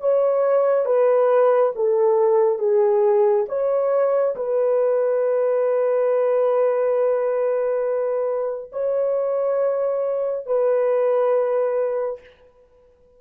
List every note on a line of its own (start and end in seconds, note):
0.00 0.85 C#5
0.85 1.72 B4
1.75 2.58 A4
2.58 3.45 G#4
3.48 4.35 C#5
4.36 8.70 B4
8.72 10.46 C#5
10.46 12.20 B4